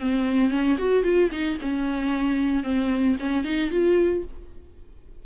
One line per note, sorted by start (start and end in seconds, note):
0.00 0.50 C4
0.50 0.77 C#4
0.78 1.04 F#4
1.04 1.31 F4
1.31 1.58 D#4
1.61 2.64 C#4
2.64 3.17 C4
3.20 3.44 C#4
3.44 3.70 D#4
3.70 4.24 F4